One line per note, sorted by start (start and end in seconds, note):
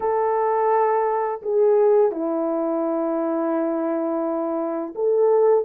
0.00 1.41 A4
1.42 2.11 G#4
2.11 4.94 E4
4.95 5.65 A4